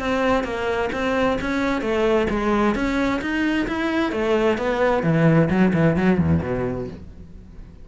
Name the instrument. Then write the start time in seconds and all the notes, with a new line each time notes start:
cello
0.00 C4
0.44 A#3
0.93 C4
1.42 C#4
1.82 A3
2.30 G#3
2.75 C#4
3.22 D#4
3.68 E4
4.12 A3
4.58 B3
5.04 E3
5.50 F#3
5.74 E3
5.96 F#3
6.19 E2
6.42 B2